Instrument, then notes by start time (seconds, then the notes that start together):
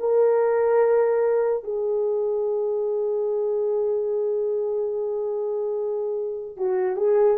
horn
0.00 A#4
1.64 G#4
6.57 F#4
6.96 G#4